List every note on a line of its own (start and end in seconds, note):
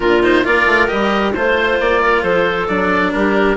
0.00 0.43 A#2
0.00 0.22 D4
0.00 0.44 F4
0.00 0.22 A#4
0.22 0.44 D#4
0.22 0.45 C5
0.44 0.66 A#3
0.44 0.88 F4
0.44 1.34 A#4
0.44 0.87 D5
0.66 0.88 A3
0.87 1.35 G3
0.87 1.32 G4
0.87 1.32 D#5
1.33 1.80 A3
1.33 2.68 F4
1.33 1.78 C5
1.33 2.02 C5
1.80 2.23 A#3
1.80 2.22 D5
2.02 2.23 A#4
2.22 2.68 F3
2.22 3.12 A4
2.22 2.67 C5
2.67 3.13 F#3
2.67 3.57 D4
2.67 3.12 D5
3.12 3.57 G3
3.12 3.57 G4
3.12 3.57 A#4